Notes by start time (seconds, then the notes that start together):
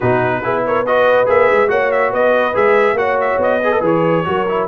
0.00 B2 D#4 F#4 B4
0.42 B3 E4 G#4
0.66 A#4 C#5
0.86 F#4 B4 D#5
1.26 A#3 G#4 E5
1.50 G#3
1.67 A#3 F#4 C#5 F#5
1.91 E5
2.11 B3 B4 D#5
2.53 G#3 G#4 E5
2.93 A#3 F#4 C#5 F#5
3.20 E5
3.38 B3 D#5
3.63 G#4 B4
3.72 A4
3.81 E3 G#4 C#5
4.24 F#3 F#4 A#4
4.48 E4